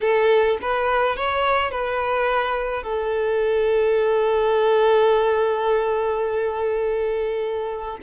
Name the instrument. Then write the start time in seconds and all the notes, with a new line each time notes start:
violin
0.01 A4
0.61 B4
1.16 C#5
1.71 B4
2.83 A4